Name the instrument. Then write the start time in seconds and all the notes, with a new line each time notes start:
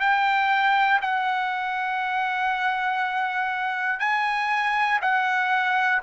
trumpet
0.00 G5
1.01 F#5
4.00 G#5
5.01 F#5